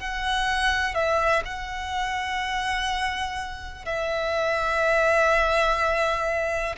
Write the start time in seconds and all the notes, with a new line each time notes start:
0.00 F#5
0.95 E5
1.46 F#5
3.86 E5